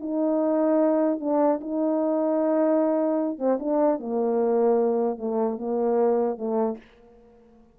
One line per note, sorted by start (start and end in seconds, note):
0.00 1.20 D#4
1.20 1.60 D4
1.61 3.39 D#4
3.39 3.59 C4
3.60 4.00 D4
4.00 5.18 A#3
5.18 5.58 A3
5.58 6.38 A#3
6.38 6.78 A3